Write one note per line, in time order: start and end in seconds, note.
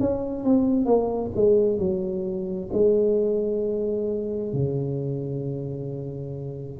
0.00 0.44 C#4
0.44 0.86 C4
0.86 1.31 A#3
1.36 1.79 G#3
1.79 2.69 F#3
2.73 4.53 G#3
4.53 6.80 C#3